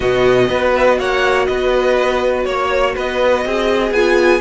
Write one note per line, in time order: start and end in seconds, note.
0.00 0.49 B2
0.00 0.46 B3
0.00 0.48 F#4
0.00 0.72 D#5
0.46 0.98 B3
0.46 3.90 F#4
0.46 0.98 B4
0.75 0.87 E5
0.87 0.99 D#5
0.98 1.48 A#3
0.98 1.48 C#5
0.98 1.45 F#5
1.45 2.45 B3
1.45 2.46 B4
1.45 2.44 D#5
2.44 2.95 A#3
2.44 2.93 C#5
2.44 2.95 C#5
2.95 3.45 B3
2.95 3.44 B4
2.95 3.92 D#5
3.45 3.90 C4
3.45 4.41 G#4
3.90 4.40 B3
3.90 4.41 F4
3.90 4.41 G#5